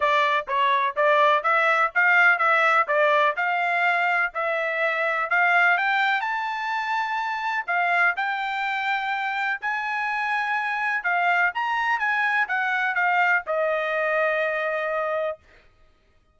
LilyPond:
\new Staff \with { instrumentName = "trumpet" } { \time 4/4 \tempo 4 = 125 d''4 cis''4 d''4 e''4 | f''4 e''4 d''4 f''4~ | f''4 e''2 f''4 | g''4 a''2. |
f''4 g''2. | gis''2. f''4 | ais''4 gis''4 fis''4 f''4 | dis''1 | }